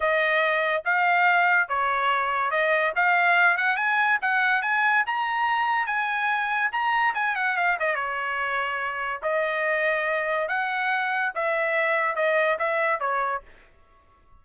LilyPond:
\new Staff \with { instrumentName = "trumpet" } { \time 4/4 \tempo 4 = 143 dis''2 f''2 | cis''2 dis''4 f''4~ | f''8 fis''8 gis''4 fis''4 gis''4 | ais''2 gis''2 |
ais''4 gis''8 fis''8 f''8 dis''8 cis''4~ | cis''2 dis''2~ | dis''4 fis''2 e''4~ | e''4 dis''4 e''4 cis''4 | }